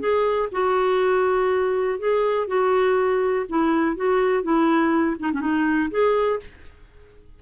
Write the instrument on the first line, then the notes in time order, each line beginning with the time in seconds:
clarinet
0.00 G#4
0.52 F#4
1.99 G#4
2.47 F#4
3.49 E4
3.97 F#4
4.43 E4
5.20 D#4
5.33 C#4
5.41 D#4
5.91 G#4